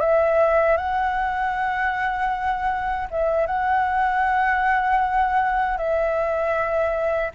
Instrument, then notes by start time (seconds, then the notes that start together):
flute
0.00 E5
0.77 F#5
3.10 E5
3.47 F#5
5.77 E5